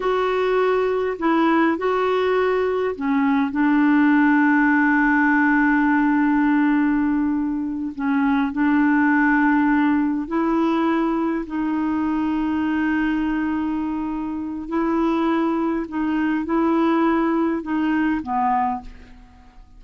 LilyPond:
\new Staff \with { instrumentName = "clarinet" } { \time 4/4 \tempo 4 = 102 fis'2 e'4 fis'4~ | fis'4 cis'4 d'2~ | d'1~ | d'4. cis'4 d'4.~ |
d'4. e'2 dis'8~ | dis'1~ | dis'4 e'2 dis'4 | e'2 dis'4 b4 | }